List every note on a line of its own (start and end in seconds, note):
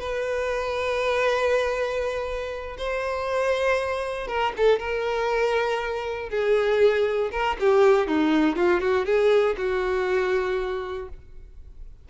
0.00 2.77 B4
2.78 4.28 C5
4.28 4.53 A#4
4.57 4.80 A4
4.80 6.30 A#4
6.30 7.31 G#4
7.32 7.57 A#4
7.60 8.08 G4
8.08 8.57 D#4
8.57 8.81 F4
8.81 9.06 F#4
9.06 9.56 G#4
9.58 11.09 F#4